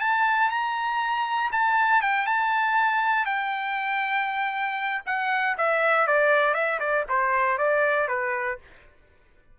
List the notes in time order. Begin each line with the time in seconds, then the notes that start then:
0.00 A5
0.50 A#5
1.52 A5
2.01 G5
2.26 A5
3.26 G5
5.06 F#5
5.58 E5
6.07 D5
6.54 E5
6.80 D5
7.09 C5
7.58 D5
8.08 B4